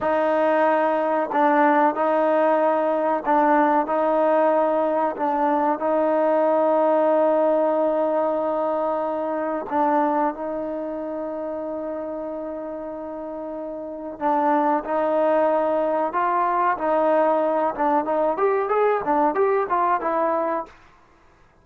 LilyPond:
\new Staff \with { instrumentName = "trombone" } { \time 4/4 \tempo 4 = 93 dis'2 d'4 dis'4~ | dis'4 d'4 dis'2 | d'4 dis'2.~ | dis'2. d'4 |
dis'1~ | dis'2 d'4 dis'4~ | dis'4 f'4 dis'4. d'8 | dis'8 g'8 gis'8 d'8 g'8 f'8 e'4 | }